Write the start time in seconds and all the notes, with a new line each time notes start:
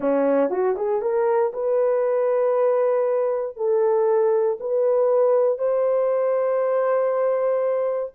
0.00 C#4
0.49 F#4
0.76 G#4
1.01 A#4
1.53 B4
3.56 A4
4.59 B4
5.58 C5